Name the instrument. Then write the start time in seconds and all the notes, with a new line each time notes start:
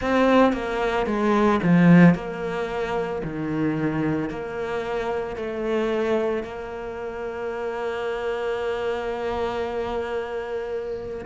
cello
0.00 C4
0.52 A#3
1.06 G#3
1.62 F3
2.14 A#3
3.23 D#3
4.29 A#3
5.36 A3
6.43 A#3